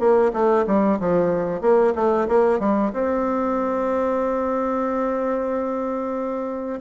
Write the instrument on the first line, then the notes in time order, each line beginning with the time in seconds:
bassoon
0.00 A#3
0.33 A3
0.67 G3
1.00 F3
1.62 A#3
1.96 A3
2.28 A#3
2.60 G3
2.93 C4